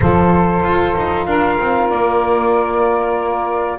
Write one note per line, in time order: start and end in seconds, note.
0.00 0.64 F3
0.00 3.78 F4
0.00 1.27 A4
0.00 1.25 C5
0.64 0.95 F4
0.96 1.27 D#4
1.25 1.58 D4
1.25 3.78 A#4
1.25 1.88 F5
1.59 1.90 C4
1.89 3.78 A#3
1.89 3.78 D5